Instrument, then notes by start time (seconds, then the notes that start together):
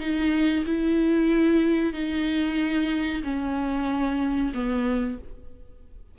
viola
0.00 D#4
0.66 E4
1.94 D#4
3.24 C#4
4.54 B3